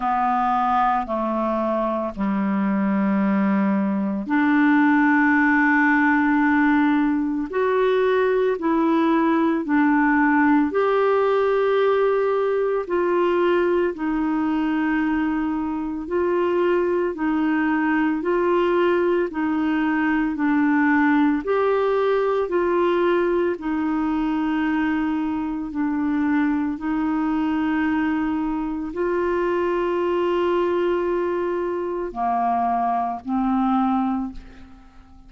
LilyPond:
\new Staff \with { instrumentName = "clarinet" } { \time 4/4 \tempo 4 = 56 b4 a4 g2 | d'2. fis'4 | e'4 d'4 g'2 | f'4 dis'2 f'4 |
dis'4 f'4 dis'4 d'4 | g'4 f'4 dis'2 | d'4 dis'2 f'4~ | f'2 ais4 c'4 | }